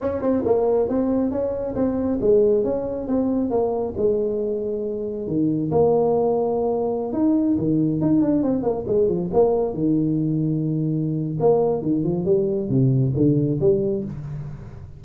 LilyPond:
\new Staff \with { instrumentName = "tuba" } { \time 4/4 \tempo 4 = 137 cis'8 c'8 ais4 c'4 cis'4 | c'4 gis4 cis'4 c'4 | ais4 gis2. | dis4 ais2.~ |
ais16 dis'4 dis4 dis'8 d'8 c'8 ais16~ | ais16 gis8 f8 ais4 dis4.~ dis16~ | dis2 ais4 dis8 f8 | g4 c4 d4 g4 | }